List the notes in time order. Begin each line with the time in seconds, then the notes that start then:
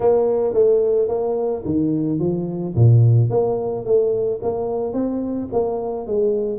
0.00 A#3
0.53 A3
1.08 A#3
1.65 D#3
2.19 F3
2.75 A#2
3.30 A#3
3.85 A3
4.42 A#3
4.93 C4
5.52 A#3
6.07 G#3